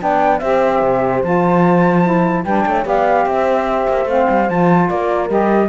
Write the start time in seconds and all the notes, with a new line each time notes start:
0.00 B3 D4 D5 G5
0.39 C4 G4 C5 E5
0.82 C3
1.23 F3 F4 A5
2.04 E4
2.45 G3 D4 B4 G5
2.67 A3 C#5
2.85 B3 G4 D5 F5
3.26 C4 C5 E5
3.88 A#3
4.05 A3 C4 F5
4.30 G3
4.50 F3 F4 A5
4.89 A#3 A#4 D5
5.29 G3 G4 D#5